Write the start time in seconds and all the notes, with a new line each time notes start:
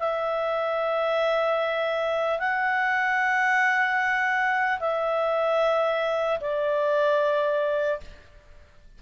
0.00 E5
2.39 F#5
4.80 E5
6.41 D5